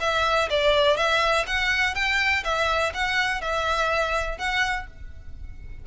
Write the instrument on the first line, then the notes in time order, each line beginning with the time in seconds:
violin
0.00 E5
0.50 D5
0.96 E5
1.47 F#5
1.94 G5
2.44 E5
2.94 F#5
3.41 E5
4.38 F#5